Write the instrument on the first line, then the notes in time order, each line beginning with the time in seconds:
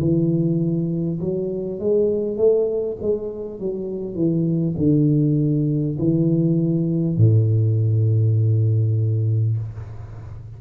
tuba
0.00 E3
1.21 F#3
1.79 G#3
2.37 A3
3.02 G#3
3.59 F#3
4.15 E3
4.77 D3
5.98 E3
7.17 A2